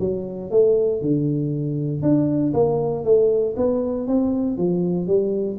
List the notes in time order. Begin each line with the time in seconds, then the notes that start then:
0.00 F#3
0.51 A3
1.02 D3
2.02 D4
2.54 A#3
3.04 A3
3.57 B3
4.08 C4
4.58 F3
5.07 G3